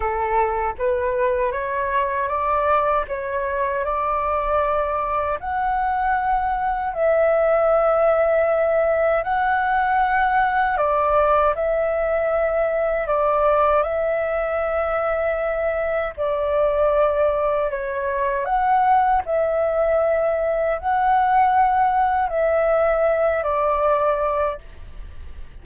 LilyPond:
\new Staff \with { instrumentName = "flute" } { \time 4/4 \tempo 4 = 78 a'4 b'4 cis''4 d''4 | cis''4 d''2 fis''4~ | fis''4 e''2. | fis''2 d''4 e''4~ |
e''4 d''4 e''2~ | e''4 d''2 cis''4 | fis''4 e''2 fis''4~ | fis''4 e''4. d''4. | }